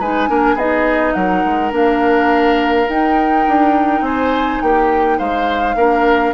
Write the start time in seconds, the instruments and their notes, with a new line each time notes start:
0.00 bassoon G#3, clarinet D#4, oboe B4, flute G#5
0.29 bassoon A#3, clarinet D4, oboe A#4
0.55 bassoon B3, clarinet D#4, oboe G#4, flute D#5
1.14 bassoon F#3, oboe A#4, flute F#5
1.45 bassoon G#3
1.71 bassoon A#3, clarinet D4, flute F5
2.89 bassoon D#4, clarinet D#4, flute G5
3.48 bassoon D4
4.01 bassoon C4, oboe C5, flute G#5
4.62 bassoon A#3, oboe G4, flute G5
5.18 bassoon G#3, oboe C5, flute F5
5.75 bassoon A#3, clarinet D4, oboe A#4